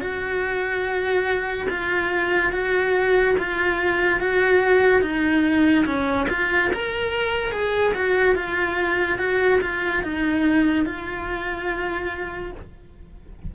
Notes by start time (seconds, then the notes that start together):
0.00 F#4
1.69 F4
2.52 F#4
3.38 F4
4.19 F#4
5.01 D#4
5.85 C#4
6.29 F4
6.73 A#4
7.51 G#4
7.94 F#4
8.35 F4
9.18 F#4
9.61 F4
10.03 D#4
10.85 F4